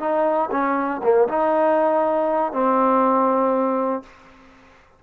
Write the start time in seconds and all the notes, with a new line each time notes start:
0.00 D#4
0.51 C#4
1.03 A#3
1.28 D#4
2.53 C4